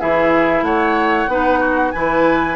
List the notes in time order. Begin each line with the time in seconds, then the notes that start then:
0.00 E3 E4 G#4 E5
0.62 A3 C#5 F#5
1.28 B3 D#4 B4
1.59 F#4
1.91 E3 E4 B4 G#5